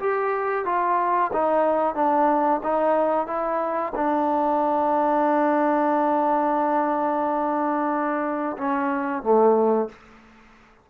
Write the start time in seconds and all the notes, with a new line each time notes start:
0.00 G4
0.66 F4
1.33 D#4
1.95 D4
2.63 D#4
3.27 E4
3.96 D4
8.58 C#4
9.23 A3